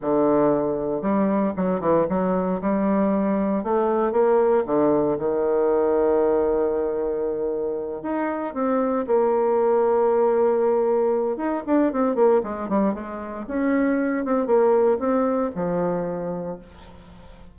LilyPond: \new Staff \with { instrumentName = "bassoon" } { \time 4/4 \tempo 4 = 116 d2 g4 fis8 e8 | fis4 g2 a4 | ais4 d4 dis2~ | dis2.~ dis8 dis'8~ |
dis'8 c'4 ais2~ ais8~ | ais2 dis'8 d'8 c'8 ais8 | gis8 g8 gis4 cis'4. c'8 | ais4 c'4 f2 | }